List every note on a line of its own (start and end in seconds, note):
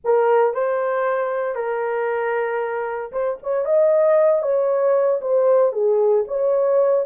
0.04 0.54 A#4
0.54 1.55 C5
1.55 3.11 A#4
3.12 3.38 C5
3.42 3.65 C#5
3.65 4.42 D#5
4.42 5.20 C#5
5.21 5.72 C5
5.72 6.24 G#4
6.27 7.05 C#5